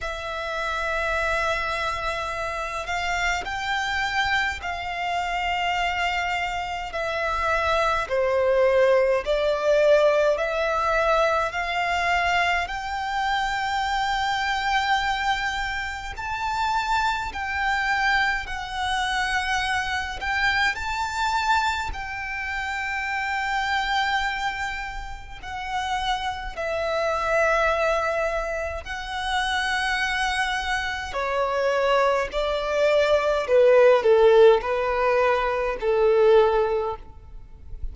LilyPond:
\new Staff \with { instrumentName = "violin" } { \time 4/4 \tempo 4 = 52 e''2~ e''8 f''8 g''4 | f''2 e''4 c''4 | d''4 e''4 f''4 g''4~ | g''2 a''4 g''4 |
fis''4. g''8 a''4 g''4~ | g''2 fis''4 e''4~ | e''4 fis''2 cis''4 | d''4 b'8 a'8 b'4 a'4 | }